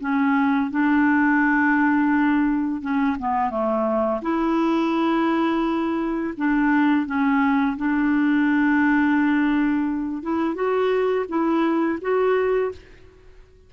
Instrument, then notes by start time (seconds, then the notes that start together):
clarinet
0.00 C#4
0.71 D4
2.81 C#4
3.19 B3
3.50 A3
4.22 E4
6.37 D4
7.06 C#4
7.77 D4
10.23 E4
10.55 F#4
11.29 E4
12.02 F#4